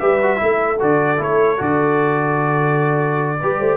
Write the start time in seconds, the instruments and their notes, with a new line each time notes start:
0.00 tuba G3, trombone G4, horn B4, trumpet E5
0.23 trombone F#4
0.37 tuba A3, trombone E4
0.45 horn A4
0.80 tuba D3, trombone F#4, trumpet D5
1.18 tuba A3, trombone E4, trumpet C#5
1.58 tuba D3, trombone F#4, trumpet D5
3.41 tuba G3, trombone G4, horn B4
3.60 tuba A3, horn C5